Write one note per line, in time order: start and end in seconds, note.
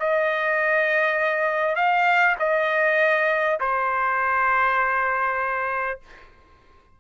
0.00 1.76 D#5
1.76 2.36 F5
2.40 3.60 D#5
3.61 6.00 C5